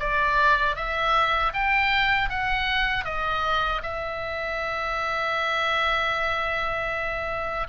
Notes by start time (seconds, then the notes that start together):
0.00 D5
0.76 E5
1.53 G5
2.29 F#5
3.05 D#5
3.83 E5